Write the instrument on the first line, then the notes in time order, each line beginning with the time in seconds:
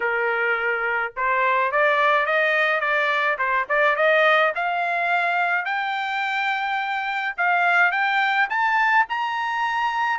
trumpet
0.00 A#4
1.16 C5
1.71 D5
2.25 D#5
2.80 D5
3.38 C5
3.68 D5
3.96 D#5
4.55 F5
5.65 G5
7.37 F5
7.91 G5
8.49 A5
9.08 A#5